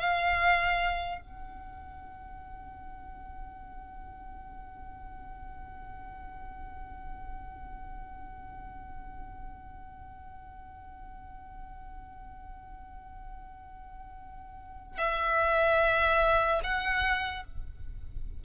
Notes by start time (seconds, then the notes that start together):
0.00 F5
1.21 F#5
14.98 E5
16.63 F#5